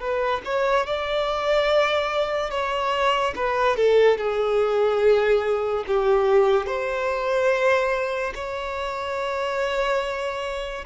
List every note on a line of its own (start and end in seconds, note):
0.00 0.42 B4
0.45 0.86 C#5
0.86 2.51 D5
2.51 3.34 C#5
3.36 3.77 B4
3.77 4.18 A4
4.18 5.84 G#4
5.87 6.67 G4
6.67 8.33 C5
8.35 10.85 C#5